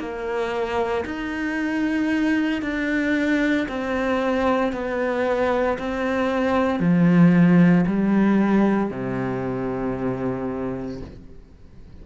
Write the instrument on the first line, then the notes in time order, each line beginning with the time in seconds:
cello
0.00 A#3
1.06 D#4
2.63 D4
3.69 C4
4.73 B3
5.79 C4
6.80 F3
7.88 G3
8.91 C3